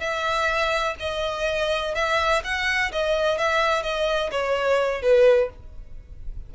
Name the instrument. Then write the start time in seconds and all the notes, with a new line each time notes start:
violin
0.00 E5
1.00 D#5
1.95 E5
2.44 F#5
2.92 D#5
3.38 E5
3.83 D#5
4.31 C#5
5.02 B4